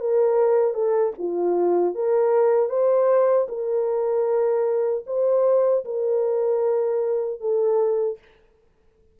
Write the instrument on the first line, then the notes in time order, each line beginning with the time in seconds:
horn
0.00 A#4
0.74 A4
1.18 F4
1.94 A#4
2.69 C5
3.49 A#4
5.06 C5
5.85 A#4
7.40 A4